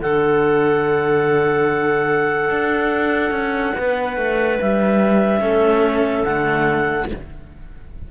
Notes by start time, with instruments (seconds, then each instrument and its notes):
0.00 cello D3 D4, clarinet A4 F#5
2.50 cello D4
3.31 cello C#4
3.77 cello B3, clarinet B4
4.17 cello A3
4.60 cello G3, clarinet E5
5.41 cello A3 C#4, clarinet A4
6.23 cello D3 A3, clarinet F#5